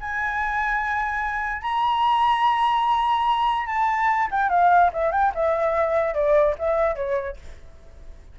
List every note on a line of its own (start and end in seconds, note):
0.00 1.62 G#5
1.62 3.66 A#5
3.66 4.28 A5
4.31 4.49 G5
4.49 4.90 F5
4.93 5.11 E5
5.11 5.32 G5
5.34 6.14 E5
6.14 6.55 D5
6.58 6.95 E5
6.95 7.36 C#5